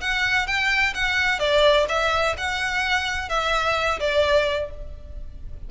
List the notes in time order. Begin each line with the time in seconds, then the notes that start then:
0.00 F#5
0.47 G5
0.94 F#5
1.39 D5
1.88 E5
2.37 F#5
3.29 E5
3.99 D5